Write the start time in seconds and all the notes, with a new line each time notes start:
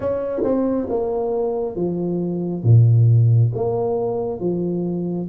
0.00 C#4
0.43 C4
0.89 A#3
1.75 F3
2.63 A#2
3.55 A#3
4.40 F3